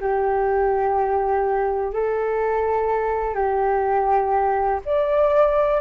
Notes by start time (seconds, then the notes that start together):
0.00 G4
1.93 A4
3.34 G4
4.85 D5